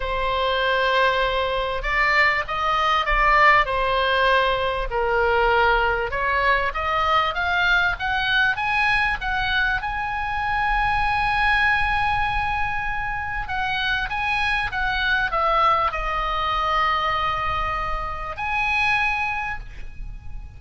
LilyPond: \new Staff \with { instrumentName = "oboe" } { \time 4/4 \tempo 4 = 98 c''2. d''4 | dis''4 d''4 c''2 | ais'2 cis''4 dis''4 | f''4 fis''4 gis''4 fis''4 |
gis''1~ | gis''2 fis''4 gis''4 | fis''4 e''4 dis''2~ | dis''2 gis''2 | }